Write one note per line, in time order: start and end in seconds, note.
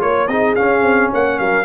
0.00 0.28 A#3
0.00 0.28 F4
0.00 0.28 C#5
0.00 0.29 C#5
0.28 0.56 C4
0.28 0.57 D#4
0.28 1.11 G#4
0.28 0.55 D#5
0.56 1.66 C#4
0.56 0.83 C#4
0.56 1.11 F5
0.83 1.10 C4
1.11 1.40 A#3
1.11 1.39 C#5
1.11 1.40 F#5
1.40 1.66 F#3
1.40 1.66 A#4
1.40 1.66 F5